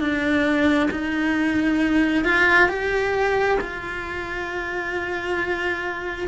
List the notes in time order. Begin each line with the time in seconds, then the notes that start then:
0.00 D4
0.91 D#4
2.24 F4
2.69 G4
3.61 F4